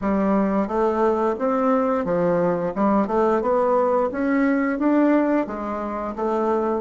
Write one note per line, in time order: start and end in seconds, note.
0.01 0.67 G3
0.67 1.35 A3
1.38 2.04 C4
2.04 2.72 F3
2.75 3.07 G3
3.07 3.41 A3
3.41 4.09 B3
4.11 4.79 C#4
4.79 5.46 D4
5.46 6.15 G#3
6.15 6.81 A3